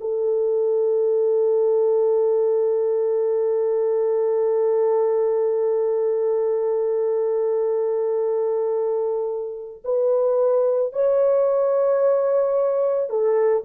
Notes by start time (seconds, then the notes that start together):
0.00 A4
9.84 B4
10.93 C#5
13.09 A4